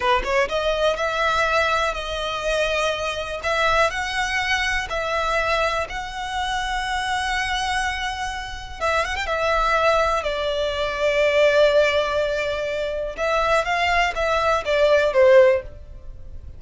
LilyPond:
\new Staff \with { instrumentName = "violin" } { \time 4/4 \tempo 4 = 123 b'8 cis''8 dis''4 e''2 | dis''2. e''4 | fis''2 e''2 | fis''1~ |
fis''2 e''8 fis''16 g''16 e''4~ | e''4 d''2.~ | d''2. e''4 | f''4 e''4 d''4 c''4 | }